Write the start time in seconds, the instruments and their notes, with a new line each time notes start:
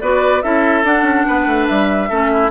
0.00 bassoon B3, clarinet F#4, oboe B4, flute D5
0.42 bassoon C#4, clarinet E4, oboe A4, flute E5
0.83 bassoon D4, clarinet D4, flute F#5
1.02 bassoon C#4
1.27 bassoon B3, oboe B4
1.46 bassoon A3
1.66 bassoon G3, flute E5
2.09 bassoon A3, clarinet C#4, oboe A4
2.33 oboe E4